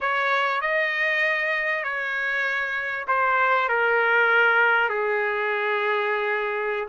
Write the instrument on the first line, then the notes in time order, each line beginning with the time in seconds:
trumpet
0.00 C#5
0.61 D#5
1.83 C#5
3.07 C5
3.68 A#4
4.89 G#4